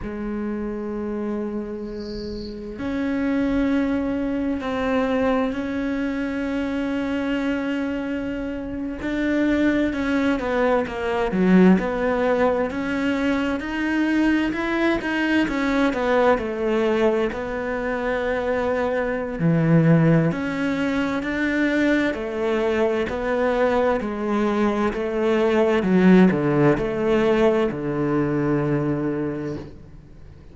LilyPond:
\new Staff \with { instrumentName = "cello" } { \time 4/4 \tempo 4 = 65 gis2. cis'4~ | cis'4 c'4 cis'2~ | cis'4.~ cis'16 d'4 cis'8 b8 ais16~ | ais16 fis8 b4 cis'4 dis'4 e'16~ |
e'16 dis'8 cis'8 b8 a4 b4~ b16~ | b4 e4 cis'4 d'4 | a4 b4 gis4 a4 | fis8 d8 a4 d2 | }